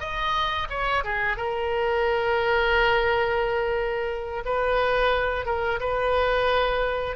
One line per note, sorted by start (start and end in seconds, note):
0.00 0.68 D#5
0.69 1.04 C#5
1.04 1.37 G#4
1.37 4.43 A#4
4.45 5.45 B4
5.45 5.80 A#4
5.80 7.16 B4